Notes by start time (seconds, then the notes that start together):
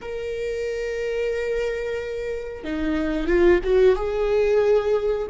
0.01 A#4
2.64 D#4
3.27 F4
3.63 F#4
3.95 G#4